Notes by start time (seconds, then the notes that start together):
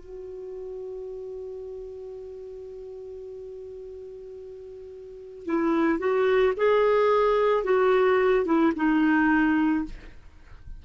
0.00 F#4
5.45 E4
6.00 F#4
6.57 G#4
7.65 F#4
8.45 E4
8.76 D#4